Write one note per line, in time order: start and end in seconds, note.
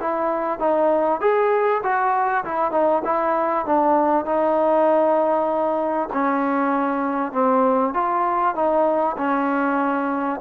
0.00 0.60 E4
0.60 1.21 D#4
1.21 1.82 G#4
1.83 2.45 F#4
2.45 2.72 E4
2.72 3.02 D#4
3.05 3.66 E4
3.66 4.26 D4
4.26 6.09 D#4
6.13 7.33 C#4
7.33 7.94 C4
7.94 8.55 F4
8.55 9.16 D#4
9.18 10.40 C#4